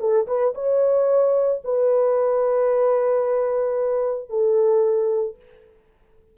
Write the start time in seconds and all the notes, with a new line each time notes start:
0.00 A4
0.27 B4
0.55 C#5
1.64 B4
4.29 A4